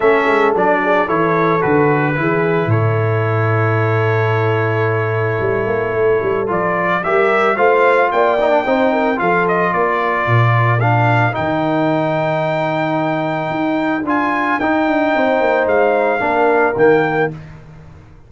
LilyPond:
<<
  \new Staff \with { instrumentName = "trumpet" } { \time 4/4 \tempo 4 = 111 e''4 d''4 cis''4 b'4~ | b'4 cis''2.~ | cis''1 | d''4 e''4 f''4 g''4~ |
g''4 f''8 dis''8 d''2 | f''4 g''2.~ | g''2 gis''4 g''4~ | g''4 f''2 g''4 | }
  \new Staff \with { instrumentName = "horn" } { \time 4/4 a'4. gis'8 a'2 | gis'4 a'2.~ | a'1~ | a'4 ais'4 c''4 d''4 |
c''8 ais'8 a'4 ais'2~ | ais'1~ | ais'1 | c''2 ais'2 | }
  \new Staff \with { instrumentName = "trombone" } { \time 4/4 cis'4 d'4 e'4 fis'4 | e'1~ | e'1 | f'4 g'4 f'4. dis'16 d'16 |
dis'4 f'2. | d'4 dis'2.~ | dis'2 f'4 dis'4~ | dis'2 d'4 ais4 | }
  \new Staff \with { instrumentName = "tuba" } { \time 4/4 a8 gis8 fis4 e4 d4 | e4 a,2.~ | a,2 g8 ais8 a8 g8 | f4 g4 a4 ais4 |
c'4 f4 ais4 ais,4~ | ais,4 dis2.~ | dis4 dis'4 d'4 dis'8 d'8 | c'8 ais8 gis4 ais4 dis4 | }
>>